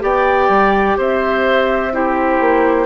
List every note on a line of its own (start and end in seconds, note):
0.00 0.48 B3
0.00 1.90 G4
0.00 0.97 D5
0.00 0.98 G5
0.48 0.96 G3
0.97 2.40 C4
0.97 1.92 C5
0.97 1.94 E5
1.92 2.86 E4
1.92 2.86 G4
1.92 2.86 C5
2.40 2.86 A#3